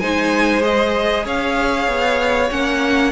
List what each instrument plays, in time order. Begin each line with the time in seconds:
0.00 cello G#3, viola D#4, violin C5 G#5
0.61 viola G#4, violin D#5
1.25 cello C#4, violin C#5 F5
1.88 cello B3
2.51 cello A#3, viola C#4, violin F#5